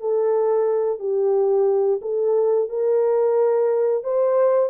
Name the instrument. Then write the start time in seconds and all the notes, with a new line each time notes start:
horn
0.00 A4
0.99 G4
2.02 A4
2.69 A#4
4.04 C5